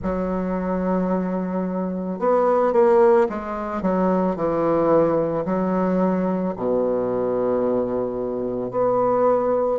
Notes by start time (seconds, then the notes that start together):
0.02 F#3
2.19 B3
2.72 A#3
3.29 G#3
3.82 F#3
4.35 E3
5.45 F#3
6.56 B2
8.70 B3